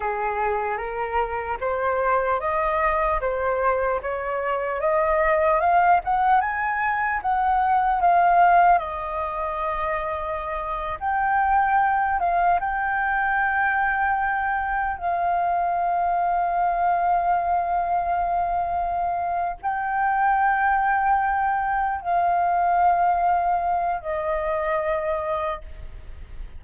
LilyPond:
\new Staff \with { instrumentName = "flute" } { \time 4/4 \tempo 4 = 75 gis'4 ais'4 c''4 dis''4 | c''4 cis''4 dis''4 f''8 fis''8 | gis''4 fis''4 f''4 dis''4~ | dis''4.~ dis''16 g''4. f''8 g''16~ |
g''2~ g''8. f''4~ f''16~ | f''1~ | f''8 g''2. f''8~ | f''2 dis''2 | }